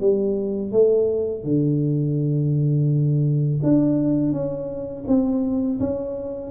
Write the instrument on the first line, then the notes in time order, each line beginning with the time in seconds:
tuba
0.00 G3
0.72 A3
1.44 D3
3.63 D4
4.32 C#4
5.07 C4
5.80 C#4